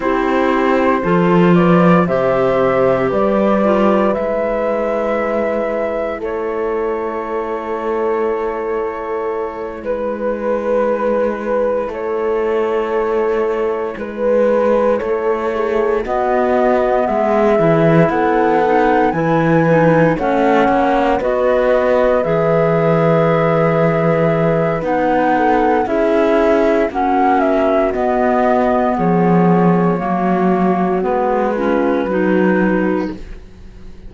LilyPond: <<
  \new Staff \with { instrumentName = "flute" } { \time 4/4 \tempo 4 = 58 c''4. d''8 e''4 d''4 | e''2 cis''2~ | cis''4. b'2 cis''8~ | cis''4. b'4 cis''4 dis''8~ |
dis''8 e''4 fis''4 gis''4 fis''8~ | fis''8 dis''4 e''2~ e''8 | fis''4 e''4 fis''8 e''8 dis''4 | cis''2 b'2 | }
  \new Staff \with { instrumentName = "horn" } { \time 4/4 g'4 a'8 b'8 c''4 b'4~ | b'2 a'2~ | a'4. b'2 a'8~ | a'4. b'4 a'8 gis'8 fis'8~ |
fis'8 gis'4 a'4 b'4 cis''8~ | cis''8 b'2.~ b'8~ | b'8 a'8 gis'4 fis'2 | gis'4 fis'4. f'8 fis'4 | }
  \new Staff \with { instrumentName = "clarinet" } { \time 4/4 e'4 f'4 g'4. f'8 | e'1~ | e'1~ | e'2.~ e'8 b8~ |
b4 e'4 dis'8 e'8 dis'8 cis'8~ | cis'8 fis'4 gis'2~ gis'8 | dis'4 e'4 cis'4 b4~ | b4 ais4 b8 cis'8 dis'4 | }
  \new Staff \with { instrumentName = "cello" } { \time 4/4 c'4 f4 c4 g4 | gis2 a2~ | a4. gis2 a8~ | a4. gis4 a4 b8~ |
b8 gis8 e8 b4 e4 a8 | ais8 b4 e2~ e8 | b4 cis'4 ais4 b4 | f4 fis4 gis4 fis4 | }
>>